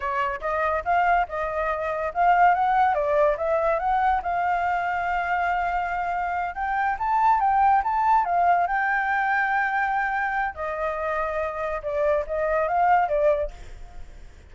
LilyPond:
\new Staff \with { instrumentName = "flute" } { \time 4/4 \tempo 4 = 142 cis''4 dis''4 f''4 dis''4~ | dis''4 f''4 fis''4 d''4 | e''4 fis''4 f''2~ | f''2.~ f''8 g''8~ |
g''8 a''4 g''4 a''4 f''8~ | f''8 g''2.~ g''8~ | g''4 dis''2. | d''4 dis''4 f''4 d''4 | }